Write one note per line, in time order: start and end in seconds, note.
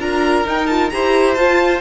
0.00 0.45 D4
0.00 0.45 F4
0.00 0.91 A#4
0.00 0.46 A#5
0.45 0.68 D#4
0.45 0.92 D#4
0.45 0.67 G5
0.67 0.92 F4
0.67 0.89 A5
0.90 1.37 E4
0.90 1.37 G4
0.90 1.81 C5
0.90 1.34 A#5
1.34 1.81 F4
1.34 1.80 A5